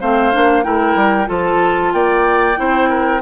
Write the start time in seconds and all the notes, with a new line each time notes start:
0.00 A3 C4 C5 F5
0.32 A#3 D4
0.63 A3 E4 A#4 G5
0.95 G3
1.26 F3 F4 A4 A5
1.93 A#3 D5 G5
2.55 C4 E4 C5
2.89 A#4